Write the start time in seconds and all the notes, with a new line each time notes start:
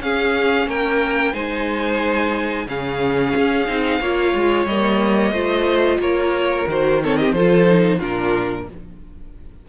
0.00 C#4 G#4 F5
0.67 A#3 A#4 G5
1.32 G#3 D#4 C5 G#5
2.67 C#3 C#4 G#4 F5
3.36 C#4
3.67 C4 D#4
4.00 A#3 F4 C#5
4.34 G#3
4.66 G3 A#3 D#5
5.32 A3 F4 C5
5.99 A#3 A#4 C#5
6.67 D#3 F#4 C5
7.03 C4 A4 C#5
7.17 G4 D#5
7.32 F3 F4 A4 C5
7.67 D#4
7.98 A#2 D4 F4 A#4